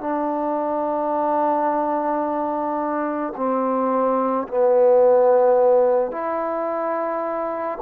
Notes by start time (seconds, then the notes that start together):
0.00 D4
3.36 C4
4.47 B3
6.12 E4